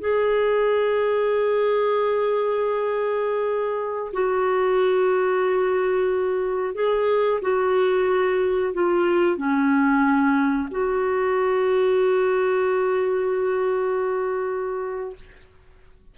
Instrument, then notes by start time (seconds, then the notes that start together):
clarinet
0.00 G#4
4.13 F#4
6.74 G#4
7.42 F#4
8.74 F4
9.37 C#4
10.71 F#4